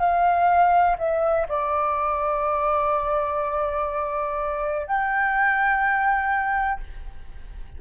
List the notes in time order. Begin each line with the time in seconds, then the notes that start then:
0.00 F5
0.99 E5
1.49 D5
4.87 G5